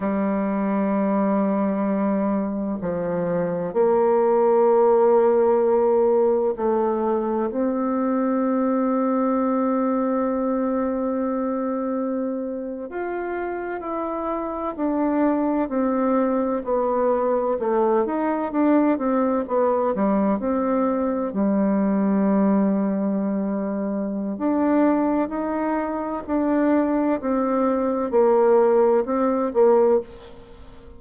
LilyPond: \new Staff \with { instrumentName = "bassoon" } { \time 4/4 \tempo 4 = 64 g2. f4 | ais2. a4 | c'1~ | c'4.~ c'16 f'4 e'4 d'16~ |
d'8. c'4 b4 a8 dis'8 d'16~ | d'16 c'8 b8 g8 c'4 g4~ g16~ | g2 d'4 dis'4 | d'4 c'4 ais4 c'8 ais8 | }